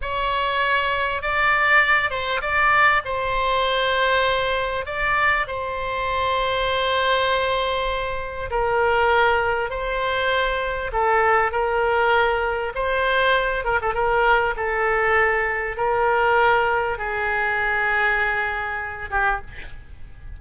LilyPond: \new Staff \with { instrumentName = "oboe" } { \time 4/4 \tempo 4 = 99 cis''2 d''4. c''8 | d''4 c''2. | d''4 c''2.~ | c''2 ais'2 |
c''2 a'4 ais'4~ | ais'4 c''4. ais'16 a'16 ais'4 | a'2 ais'2 | gis'2.~ gis'8 g'8 | }